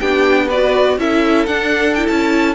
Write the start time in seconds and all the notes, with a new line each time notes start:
0.00 B3 D4 G4 G5
0.47 B4 D5
0.53 F#4
0.98 C#4 E4 A4 E5
1.46 D4 F#5
1.94 E4 G5
2.08 C#4 A5